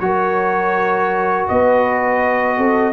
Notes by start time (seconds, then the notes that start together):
0.00 F#3 F#4 A#4 C#5
1.48 B3 B4 D#5
2.57 C4 A4